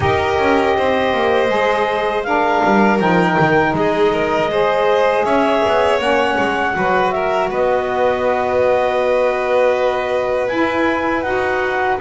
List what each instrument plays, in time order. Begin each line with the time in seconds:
0.00 double bass D#4, saxophone G4, violin A#4, clarinet D#5
0.38 double bass C#4
0.77 double bass C4, violin C5
1.13 double bass A#3
1.47 double bass G#3, saxophone G#4
2.23 saxophone D4, violin A#4, clarinet F5
2.64 double bass G3
2.99 double bass F3, saxophone D#4, clarinet G5
3.39 double bass D#3
3.72 double bass G#3, violin G#4, clarinet D#5
4.12 violin A#4
4.51 saxophone G#4, violin C5
5.24 double bass C#4, violin C#5, clarinet E5
5.67 double bass B3
5.99 double bass A#3, saxophone C#4, clarinet F#5
6.38 double bass G#3
6.72 double bass F#3, saxophone F#4, violin B4
7.10 violin A#4, clarinet E5
7.50 double bass B3, violin B4, clarinet D#5
10.47 double bass E4, saxophone E4, clarinet G#5
11.22 double bass D#4, saxophone F#4, clarinet F#5